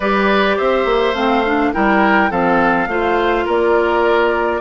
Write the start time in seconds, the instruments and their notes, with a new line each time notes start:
0.00 bassoon G3, clarinet G4, oboe B4, flute D5
0.56 bassoon C4, oboe C5, flute E5
0.85 bassoon A#3
1.13 bassoon A3, clarinet C4, flute F5
1.45 clarinet D4
1.73 bassoon G3, clarinet E4, oboe A#4, flute G5
2.30 bassoon F3, clarinet C4, oboe A4, flute F5
2.87 bassoon A3, clarinet F4, oboe C5
3.45 bassoon A#3, oboe A#4, flute D5